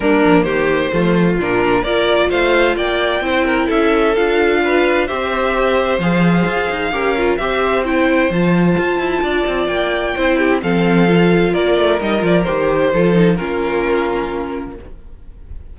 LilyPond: <<
  \new Staff \with { instrumentName = "violin" } { \time 4/4 \tempo 4 = 130 ais'4 c''2 ais'4 | d''4 f''4 g''2 | e''4 f''2 e''4~ | e''4 f''2. |
e''4 g''4 a''2~ | a''4 g''2 f''4~ | f''4 d''4 dis''8 d''8 c''4~ | c''4 ais'2. | }
  \new Staff \with { instrumentName = "violin" } { \time 4/4 d'4 g'4 f'2 | ais'4 c''4 d''4 c''8 ais'8 | a'2 b'4 c''4~ | c''2. ais'4 |
c''1 | d''2 c''8 g'8 a'4~ | a'4 ais'2. | a'4 f'2. | }
  \new Staff \with { instrumentName = "viola" } { \time 4/4 ais2 a4 d'4 | f'2. e'4~ | e'4 f'2 g'4~ | g'4 gis'2 g'8 f'8 |
g'4 e'4 f'2~ | f'2 e'4 c'4 | f'2 dis'8 f'8 g'4 | f'8 dis'8 cis'2. | }
  \new Staff \with { instrumentName = "cello" } { \time 4/4 g8 f8 dis4 f4 ais,4 | ais4 a4 ais4 c'4 | cis'4 d'2 c'4~ | c'4 f4 f'8 dis'8 cis'4 |
c'2 f4 f'8 e'8 | d'8 c'8 ais4 c'4 f4~ | f4 ais8 a8 g8 f8 dis4 | f4 ais2. | }
>>